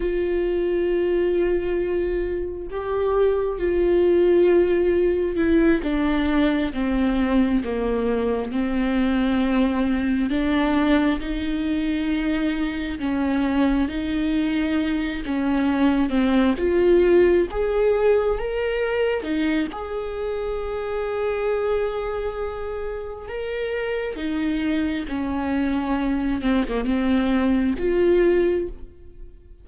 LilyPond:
\new Staff \with { instrumentName = "viola" } { \time 4/4 \tempo 4 = 67 f'2. g'4 | f'2 e'8 d'4 c'8~ | c'8 ais4 c'2 d'8~ | d'8 dis'2 cis'4 dis'8~ |
dis'4 cis'4 c'8 f'4 gis'8~ | gis'8 ais'4 dis'8 gis'2~ | gis'2 ais'4 dis'4 | cis'4. c'16 ais16 c'4 f'4 | }